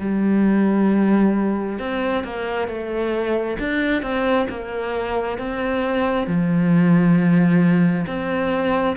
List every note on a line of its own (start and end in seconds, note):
0.00 1.79 G3
1.79 2.23 C4
2.23 2.68 A#3
2.68 3.57 A3
3.59 4.02 D4
4.02 4.47 C4
4.49 5.38 A#3
5.38 6.27 C4
6.27 8.06 F3
8.07 8.96 C4